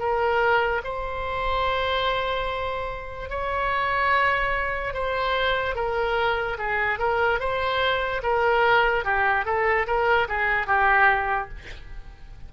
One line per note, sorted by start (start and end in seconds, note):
0.00 0.82 A#4
0.85 3.30 C5
3.30 4.94 C#5
4.94 5.76 C5
5.76 6.58 A#4
6.59 6.99 G#4
6.99 7.40 A#4
7.40 8.22 C5
8.23 9.05 A#4
9.05 9.46 G4
9.46 9.87 A4
9.87 10.28 A#4
10.29 10.67 G#4
10.67 11.49 G4